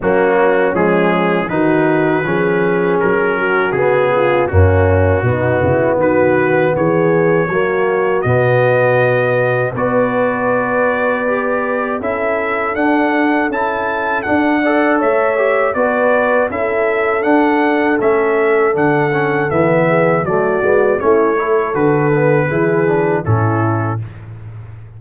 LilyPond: <<
  \new Staff \with { instrumentName = "trumpet" } { \time 4/4 \tempo 4 = 80 fis'4 gis'4 b'2 | ais'4 gis'4 fis'2 | b'4 cis''2 dis''4~ | dis''4 d''2. |
e''4 fis''4 a''4 fis''4 | e''4 d''4 e''4 fis''4 | e''4 fis''4 e''4 d''4 | cis''4 b'2 a'4 | }
  \new Staff \with { instrumentName = "horn" } { \time 4/4 cis'2 fis'4 gis'4~ | gis'8 fis'4 f'8 cis'4 dis'8 e'8 | fis'4 gis'4 fis'2~ | fis'4 b'2. |
a'2.~ a'8 d''8 | cis''4 b'4 a'2~ | a'2~ a'8 gis'8 fis'4 | e'8 a'4. gis'4 e'4 | }
  \new Staff \with { instrumentName = "trombone" } { \time 4/4 ais4 gis4 dis'4 cis'4~ | cis'4 b4 ais4 b4~ | b2 ais4 b4~ | b4 fis'2 g'4 |
e'4 d'4 e'4 d'8 a'8~ | a'8 g'8 fis'4 e'4 d'4 | cis'4 d'8 cis'8 b4 a8 b8 | cis'8 e'8 fis'8 b8 e'8 d'8 cis'4 | }
  \new Staff \with { instrumentName = "tuba" } { \time 4/4 fis4 f4 dis4 f4 | fis4 cis4 fis,4 b,8 cis8 | dis4 e4 fis4 b,4~ | b,4 b2. |
cis'4 d'4 cis'4 d'4 | a4 b4 cis'4 d'4 | a4 d4 e4 fis8 gis8 | a4 d4 e4 a,4 | }
>>